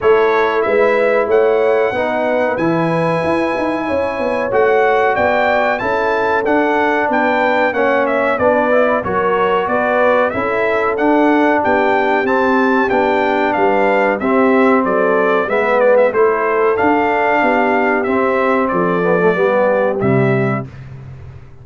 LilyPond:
<<
  \new Staff \with { instrumentName = "trumpet" } { \time 4/4 \tempo 4 = 93 cis''4 e''4 fis''2 | gis''2. fis''4 | g''4 a''4 fis''4 g''4 | fis''8 e''8 d''4 cis''4 d''4 |
e''4 fis''4 g''4 a''4 | g''4 f''4 e''4 d''4 | e''8 d''16 e''16 c''4 f''2 | e''4 d''2 e''4 | }
  \new Staff \with { instrumentName = "horn" } { \time 4/4 a'4 b'4 cis''4 b'4~ | b'2 cis''2 | d''4 a'2 b'4 | cis''4 b'4 ais'4 b'4 |
a'2 g'2~ | g'4 b'4 g'4 a'4 | b'4 a'2 g'4~ | g'4 a'4 g'2 | }
  \new Staff \with { instrumentName = "trombone" } { \time 4/4 e'2. dis'4 | e'2. fis'4~ | fis'4 e'4 d'2 | cis'4 d'8 e'8 fis'2 |
e'4 d'2 c'4 | d'2 c'2 | b4 e'4 d'2 | c'4. b16 a16 b4 g4 | }
  \new Staff \with { instrumentName = "tuba" } { \time 4/4 a4 gis4 a4 b4 | e4 e'8 dis'8 cis'8 b8 a4 | b4 cis'4 d'4 b4 | ais4 b4 fis4 b4 |
cis'4 d'4 b4 c'4 | b4 g4 c'4 fis4 | gis4 a4 d'4 b4 | c'4 f4 g4 c4 | }
>>